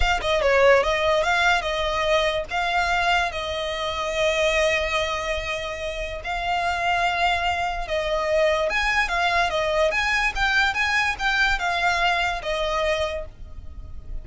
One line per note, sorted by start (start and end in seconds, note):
0.00 0.20 F5
0.21 0.41 D#5
0.41 0.83 C#5
0.83 1.23 D#5
1.23 1.61 F5
1.61 2.44 D#5
2.50 3.31 F5
3.31 6.21 D#5
6.24 7.87 F5
7.87 8.69 D#5
8.69 9.08 G#5
9.08 9.49 F5
9.50 9.91 D#5
9.91 10.32 G#5
10.35 10.74 G5
10.74 11.15 G#5
11.18 11.58 G5
11.58 12.41 F5
12.42 13.25 D#5